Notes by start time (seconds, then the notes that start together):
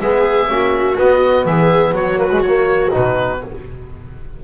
0.00 G#3 B3 G#4 E5
0.48 A#3 C#4 F#4
0.97 B3 D#5
1.46 E3 G#4 E5
1.92 F#3 F#4 C#5
2.16 A#3 B4
2.31 G#3
2.42 C#5
2.48 A#3
2.91 B2 D#4 B4